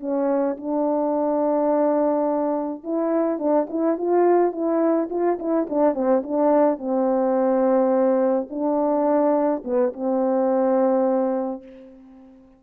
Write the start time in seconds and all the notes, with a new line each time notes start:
0.00 C#4
0.57 D4
2.84 E4
3.39 D4
3.70 E4
3.98 F4
4.52 E4
5.10 F4
5.39 E4
5.70 D4
5.94 C4
6.23 D4
6.78 C4
8.50 D4
9.64 B3
9.93 C4